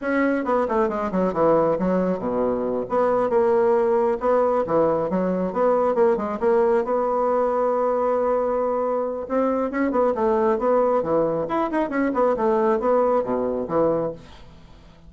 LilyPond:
\new Staff \with { instrumentName = "bassoon" } { \time 4/4 \tempo 4 = 136 cis'4 b8 a8 gis8 fis8 e4 | fis4 b,4. b4 ais8~ | ais4. b4 e4 fis8~ | fis8 b4 ais8 gis8 ais4 b8~ |
b1~ | b4 c'4 cis'8 b8 a4 | b4 e4 e'8 dis'8 cis'8 b8 | a4 b4 b,4 e4 | }